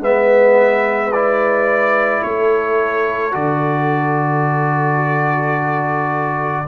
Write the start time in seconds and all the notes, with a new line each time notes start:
0.00 G#3 B3 B4 E5
1.12 E4 D5
2.23 A3 A4 C#5
3.32 D3 F#4 D5